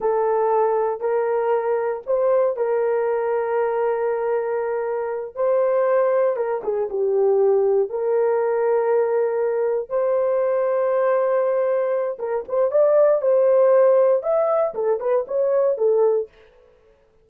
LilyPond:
\new Staff \with { instrumentName = "horn" } { \time 4/4 \tempo 4 = 118 a'2 ais'2 | c''4 ais'2.~ | ais'2~ ais'8 c''4.~ | c''8 ais'8 gis'8 g'2 ais'8~ |
ais'2.~ ais'8 c''8~ | c''1 | ais'8 c''8 d''4 c''2 | e''4 a'8 b'8 cis''4 a'4 | }